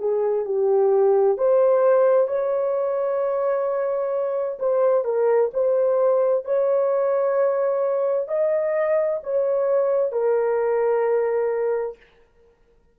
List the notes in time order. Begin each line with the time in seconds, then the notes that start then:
0.00 G#4
0.46 G4
1.38 C5
2.28 C#5
4.60 C5
5.05 A#4
5.54 C5
6.45 C#5
8.28 D#5
9.24 C#5
10.12 A#4